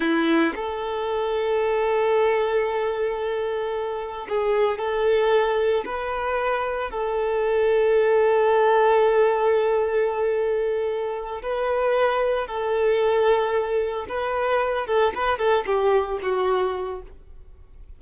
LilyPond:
\new Staff \with { instrumentName = "violin" } { \time 4/4 \tempo 4 = 113 e'4 a'2.~ | a'1 | gis'4 a'2 b'4~ | b'4 a'2.~ |
a'1~ | a'4. b'2 a'8~ | a'2~ a'8 b'4. | a'8 b'8 a'8 g'4 fis'4. | }